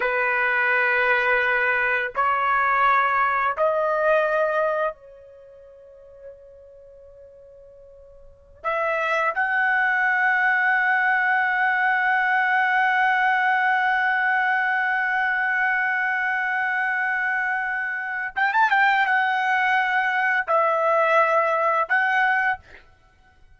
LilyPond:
\new Staff \with { instrumentName = "trumpet" } { \time 4/4 \tempo 4 = 85 b'2. cis''4~ | cis''4 dis''2 cis''4~ | cis''1~ | cis''16 e''4 fis''2~ fis''8.~ |
fis''1~ | fis''1~ | fis''2 g''16 a''16 g''8 fis''4~ | fis''4 e''2 fis''4 | }